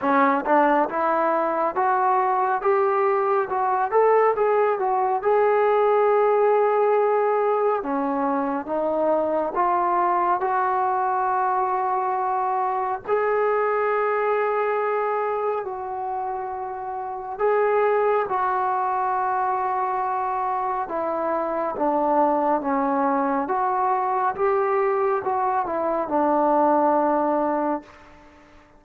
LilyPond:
\new Staff \with { instrumentName = "trombone" } { \time 4/4 \tempo 4 = 69 cis'8 d'8 e'4 fis'4 g'4 | fis'8 a'8 gis'8 fis'8 gis'2~ | gis'4 cis'4 dis'4 f'4 | fis'2. gis'4~ |
gis'2 fis'2 | gis'4 fis'2. | e'4 d'4 cis'4 fis'4 | g'4 fis'8 e'8 d'2 | }